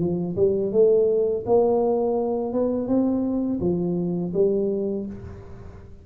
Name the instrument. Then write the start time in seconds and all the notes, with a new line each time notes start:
tuba
0.00 F3
0.36 G3
0.72 A3
1.46 A#3
2.53 B3
2.88 C4
3.60 F3
4.34 G3